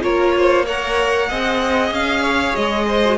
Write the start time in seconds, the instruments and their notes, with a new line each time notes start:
0.00 cello A#3, viola F4, violin A#4 C#5
0.37 violin C5
0.65 viola A#4, violin C#5 F#5
1.28 cello C4, viola G#4, violin D#5
1.91 cello C#4, violin F5
2.22 violin C#5
2.55 cello G#3, violin D#5
2.87 violin C5
3.05 viola F#4